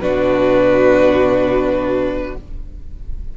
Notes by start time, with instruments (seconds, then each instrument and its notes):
0.00 cello B2, viola D4, violin F#4 B4